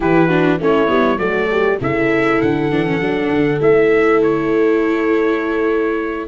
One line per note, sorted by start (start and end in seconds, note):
0.00 0.60 E3
0.00 0.29 E4
0.00 0.28 G4
0.00 0.61 B4
0.28 0.59 D4
0.28 0.58 F#4
0.59 0.89 A3
0.59 0.87 C#4
0.59 1.19 E4
0.59 1.18 C#5
0.87 1.18 G3
0.87 1.17 B3
1.18 1.78 F#3
1.18 1.78 A3
1.18 1.49 F#4
1.18 1.78 D5
1.51 1.80 G4
1.80 2.40 C#3
1.80 2.71 E4
1.80 6.27 A4
1.80 2.41 E5
2.41 2.70 D3
2.41 3.61 F#5
2.70 3.00 E3
2.70 2.86 D4
2.86 3.00 C#4
3.00 3.30 F#3
3.00 3.60 D4
3.30 3.60 D3
3.60 6.27 A3
3.60 6.27 E4
3.60 4.22 E5
4.22 6.27 C#5